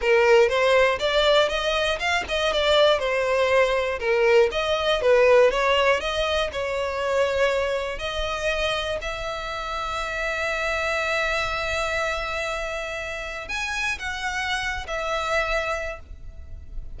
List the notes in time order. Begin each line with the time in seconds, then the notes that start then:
0.01 A#4
0.48 C5
0.99 D5
1.48 D#5
1.99 F5
2.28 D#5
2.52 D5
2.99 C5
3.99 A#4
4.51 D#5
5.01 B4
5.50 C#5
6.00 D#5
6.52 C#5
7.98 D#5
9.01 E5
13.48 G#5
13.99 F#5
14.87 E5